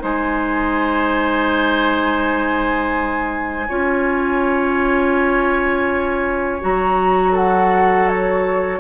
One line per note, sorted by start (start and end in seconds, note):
0.00 3.69 G#3
0.00 3.66 D#4
0.00 3.68 C5
0.00 6.63 G#5
3.68 6.62 C#4
3.68 6.61 F4
3.68 7.32 C#5
6.61 8.80 F#3
6.61 8.80 F#4
6.61 7.36 A#5
7.32 8.78 A4
7.32 8.08 F#5
8.08 8.80 C#5